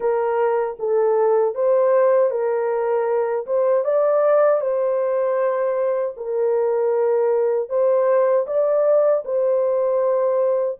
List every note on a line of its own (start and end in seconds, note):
0.00 0.77 A#4
0.79 1.55 A4
1.55 2.30 C5
2.30 3.45 A#4
3.46 3.84 C5
3.84 4.60 D5
4.60 6.14 C5
6.16 7.69 A#4
7.69 8.46 C5
8.46 9.23 D5
9.24 10.78 C5